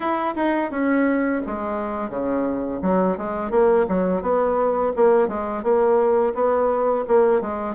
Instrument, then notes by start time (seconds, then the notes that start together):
bassoon
0.00 E4
0.35 D#4
0.71 C#4
1.46 G#3
2.09 C#3
2.82 F#3
3.17 G#3
3.50 A#3
3.88 F#3
4.22 B3
4.95 A#3
5.27 G#3
5.63 A#3
6.34 B3
7.07 A#3
7.41 G#3